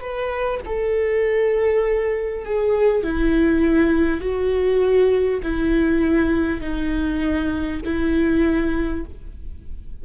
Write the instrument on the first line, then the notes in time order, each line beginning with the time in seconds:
viola
0.00 B4
0.65 A4
2.45 G#4
3.03 E4
4.21 F#4
5.42 E4
6.61 D#4
7.85 E4